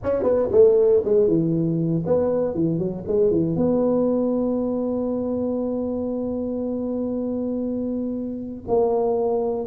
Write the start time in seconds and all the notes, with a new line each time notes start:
0.03 C#4
0.23 B3
0.51 A3
1.04 G#3
1.27 E3
2.05 B3
2.54 E3
2.78 F#3
3.07 G#3
3.31 E3
3.56 B3
8.67 A#3